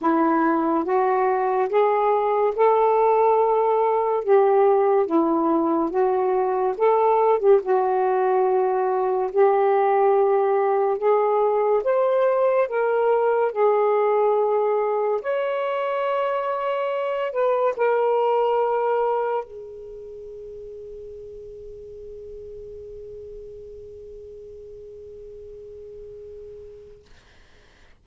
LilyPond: \new Staff \with { instrumentName = "saxophone" } { \time 4/4 \tempo 4 = 71 e'4 fis'4 gis'4 a'4~ | a'4 g'4 e'4 fis'4 | a'8. g'16 fis'2 g'4~ | g'4 gis'4 c''4 ais'4 |
gis'2 cis''2~ | cis''8 b'8 ais'2 gis'4~ | gis'1~ | gis'1 | }